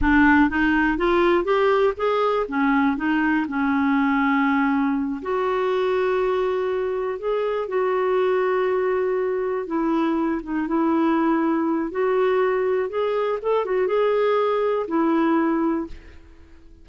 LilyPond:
\new Staff \with { instrumentName = "clarinet" } { \time 4/4 \tempo 4 = 121 d'4 dis'4 f'4 g'4 | gis'4 cis'4 dis'4 cis'4~ | cis'2~ cis'8 fis'4.~ | fis'2~ fis'8 gis'4 fis'8~ |
fis'2.~ fis'8 e'8~ | e'4 dis'8 e'2~ e'8 | fis'2 gis'4 a'8 fis'8 | gis'2 e'2 | }